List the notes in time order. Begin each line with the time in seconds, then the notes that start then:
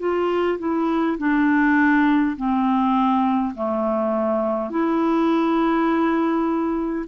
0.00 F4
0.59 E4
1.19 D4
2.37 C4
3.56 A3
4.71 E4